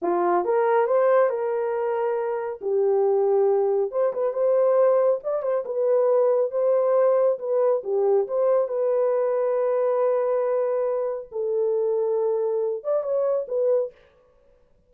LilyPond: \new Staff \with { instrumentName = "horn" } { \time 4/4 \tempo 4 = 138 f'4 ais'4 c''4 ais'4~ | ais'2 g'2~ | g'4 c''8 b'8 c''2 | d''8 c''8 b'2 c''4~ |
c''4 b'4 g'4 c''4 | b'1~ | b'2 a'2~ | a'4. d''8 cis''4 b'4 | }